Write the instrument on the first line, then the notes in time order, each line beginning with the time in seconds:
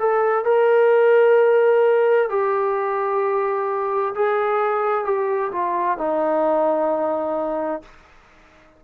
trombone
0.00 A4
0.45 A#4
2.30 G4
4.16 G#4
5.05 G4
5.52 F4
5.98 D#4